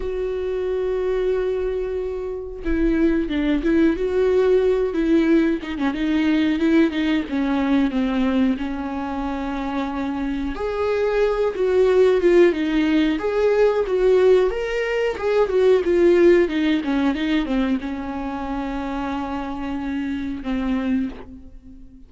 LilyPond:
\new Staff \with { instrumentName = "viola" } { \time 4/4 \tempo 4 = 91 fis'1 | e'4 d'8 e'8 fis'4. e'8~ | e'8 dis'16 cis'16 dis'4 e'8 dis'8 cis'4 | c'4 cis'2. |
gis'4. fis'4 f'8 dis'4 | gis'4 fis'4 ais'4 gis'8 fis'8 | f'4 dis'8 cis'8 dis'8 c'8 cis'4~ | cis'2. c'4 | }